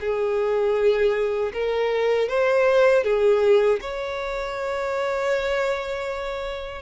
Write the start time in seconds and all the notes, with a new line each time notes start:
0.00 G#4
1.52 A#4
2.28 C5
3.03 G#4
3.81 C#5